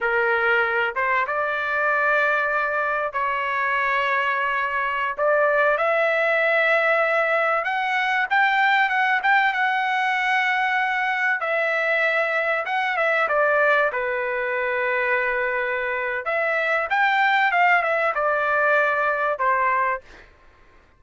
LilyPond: \new Staff \with { instrumentName = "trumpet" } { \time 4/4 \tempo 4 = 96 ais'4. c''8 d''2~ | d''4 cis''2.~ | cis''16 d''4 e''2~ e''8.~ | e''16 fis''4 g''4 fis''8 g''8 fis''8.~ |
fis''2~ fis''16 e''4.~ e''16~ | e''16 fis''8 e''8 d''4 b'4.~ b'16~ | b'2 e''4 g''4 | f''8 e''8 d''2 c''4 | }